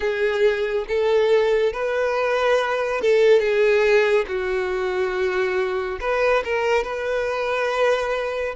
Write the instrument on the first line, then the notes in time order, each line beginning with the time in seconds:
violin
0.00 G#4
0.88 A4
1.72 B4
3.01 A4
3.39 G#4
4.27 F#4
6.00 B4
6.44 A#4
6.83 B4